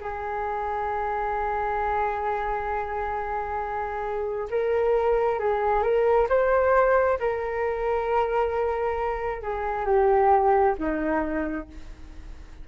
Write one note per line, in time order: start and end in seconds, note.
0.00 4.48 G#4
4.50 5.39 A#4
5.39 5.82 G#4
5.82 6.27 A#4
6.29 7.18 C5
7.19 9.42 A#4
9.42 9.85 G#4
9.85 10.75 G4
10.78 11.68 D#4